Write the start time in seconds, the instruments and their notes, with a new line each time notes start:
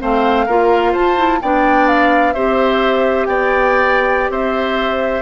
0.00 bassoon A3, clarinet C4, oboe C5, flute F5
0.46 bassoon A#3, clarinet F4, oboe A#4
0.92 bassoon F4, oboe C5, flute A5
1.16 clarinet E4
1.41 bassoon B3, clarinet D4, oboe D5, flute G5
1.87 flute F5
2.33 bassoon C4, clarinet G4, oboe C5, flute E5
3.25 bassoon B3, oboe D5, flute G5
4.29 bassoon C4, oboe C5, flute E5